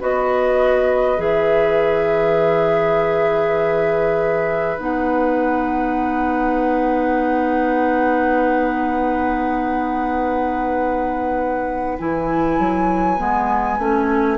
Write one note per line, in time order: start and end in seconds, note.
0.00 1.18 B3
0.00 1.17 F#4
0.00 14.38 B4
0.00 1.21 D#5
1.17 4.78 E3
1.17 4.77 G#4
1.17 4.79 E5
4.78 11.98 B3
4.78 11.98 D#4
4.78 11.99 F#5
11.98 12.59 E3
11.98 13.18 E4
11.98 14.38 G#5
12.59 13.19 F#3
13.18 13.79 G#3
13.18 13.78 B3
13.79 14.38 A3
13.79 14.38 C#4